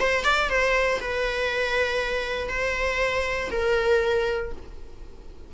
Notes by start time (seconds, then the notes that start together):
0.00 C5
0.24 D5
0.49 C5
1.01 B4
2.49 C5
3.51 A#4